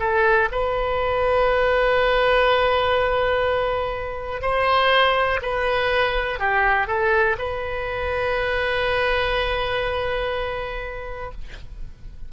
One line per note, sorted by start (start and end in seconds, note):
0.00 0.49 A4
0.51 4.42 B4
4.42 5.40 C5
5.42 6.39 B4
6.39 6.87 G4
6.87 7.36 A4
7.39 11.32 B4